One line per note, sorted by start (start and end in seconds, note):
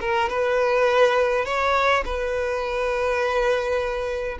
0.00 0.29 A#4
0.29 1.45 B4
1.45 2.03 C#5
2.05 4.38 B4